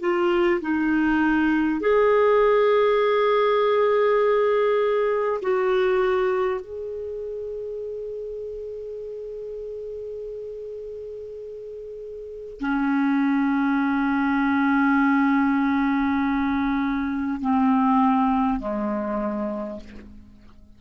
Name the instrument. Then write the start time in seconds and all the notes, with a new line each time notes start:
clarinet
0.00 F4
0.61 D#4
1.80 G#4
5.41 F#4
6.60 G#4
12.60 C#4
17.41 C4
18.59 G#3